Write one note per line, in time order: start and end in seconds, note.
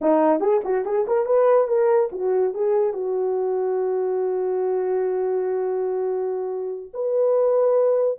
0.01 0.40 D#4
0.40 0.61 G#4
0.64 0.85 F#4
0.85 1.06 G#4
1.07 1.25 A#4
1.25 1.67 B4
1.67 2.09 A#4
2.12 2.53 F#4
2.53 2.93 G#4
2.93 6.91 F#4
6.93 8.18 B4